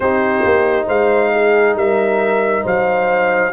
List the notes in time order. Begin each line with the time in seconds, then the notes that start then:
0.00 C4 D#4 G4 C5
0.44 A#3
0.86 G#3 C5 F5
1.33 G#4
1.75 G3 A#4 E5
2.63 F#3 C5 F5